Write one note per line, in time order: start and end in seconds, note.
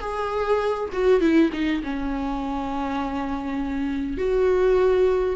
0.00 0.89 G#4
0.92 1.20 F#4
1.20 1.50 E4
1.53 1.82 D#4
1.83 4.17 C#4
4.17 5.36 F#4